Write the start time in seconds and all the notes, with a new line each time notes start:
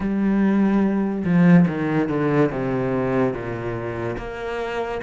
0.00 G3
1.25 F3
1.67 D#3
2.08 D3
2.51 C3
3.33 A#2
4.17 A#3